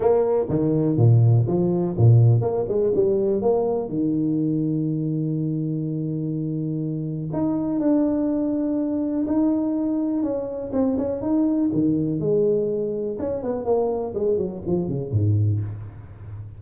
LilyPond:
\new Staff \with { instrumentName = "tuba" } { \time 4/4 \tempo 4 = 123 ais4 dis4 ais,4 f4 | ais,4 ais8 gis8 g4 ais4 | dis1~ | dis2. dis'4 |
d'2. dis'4~ | dis'4 cis'4 c'8 cis'8 dis'4 | dis4 gis2 cis'8 b8 | ais4 gis8 fis8 f8 cis8 gis,4 | }